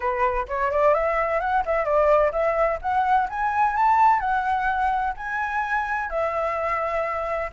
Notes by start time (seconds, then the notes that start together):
0.00 B4
0.48 C#5
0.71 D5
0.94 E5
1.40 F#5
1.65 E5
1.85 D5
2.31 E5
2.81 F#5
3.29 G#5
3.75 A5
4.20 F#5
5.16 G#5
6.09 E5